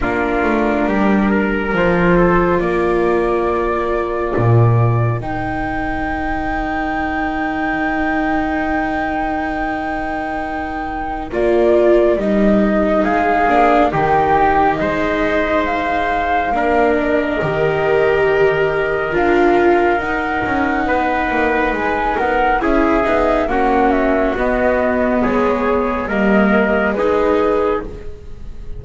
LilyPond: <<
  \new Staff \with { instrumentName = "flute" } { \time 4/4 \tempo 4 = 69 ais'2 c''4 d''4~ | d''2 g''2~ | g''1~ | g''4 d''4 dis''4 f''4 |
g''4 dis''4 f''4. dis''8~ | dis''2 f''4 fis''4~ | fis''4 gis''8 fis''8 e''4 fis''8 e''8 | dis''4 cis''4 dis''4 b'4 | }
  \new Staff \with { instrumentName = "trumpet" } { \time 4/4 f'4 g'8 ais'4 a'8 ais'4~ | ais'1~ | ais'1~ | ais'2. gis'4 |
g'4 c''2 ais'4~ | ais'1 | b'4. ais'8 gis'4 fis'4~ | fis'4 gis'4 ais'4 gis'4 | }
  \new Staff \with { instrumentName = "viola" } { \time 4/4 d'2 f'2~ | f'2 dis'2~ | dis'1~ | dis'4 f'4 dis'4. d'8 |
dis'2. d'4 | g'2 f'4 dis'4~ | dis'2 e'8 dis'8 cis'4 | b2 ais4 dis'4 | }
  \new Staff \with { instrumentName = "double bass" } { \time 4/4 ais8 a8 g4 f4 ais4~ | ais4 ais,4 dis2~ | dis1~ | dis4 ais4 g4 gis8 ais8 |
dis4 gis2 ais4 | dis2 d'4 dis'8 cis'8 | b8 ais8 gis8 b8 cis'8 b8 ais4 | b4 gis4 g4 gis4 | }
>>